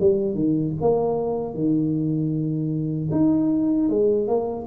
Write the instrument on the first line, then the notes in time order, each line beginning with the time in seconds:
tuba
0.00 G3
0.34 D#3
0.81 A#3
1.54 D#3
3.11 D#4
3.89 G#3
4.28 A#3